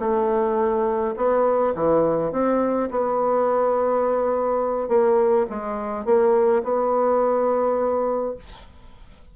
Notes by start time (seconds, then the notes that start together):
0.00 A3
1.17 B3
1.75 E3
2.33 C4
2.91 B3
4.89 A#3
5.50 G#3
6.06 A#3
6.64 B3